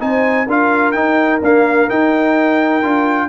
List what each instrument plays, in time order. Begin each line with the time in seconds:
0.00 tuba C4, trombone D#4, horn C5, trumpet G#5
0.47 tuba D4, trombone F4, horn A#4, trumpet F5
0.92 tuba D#4, trombone D#4, trumpet G5
1.42 trombone A#3, tuba D4, trumpet F5
1.90 trombone D#4, tuba D#4, trumpet G5
2.83 tuba D4, trombone F4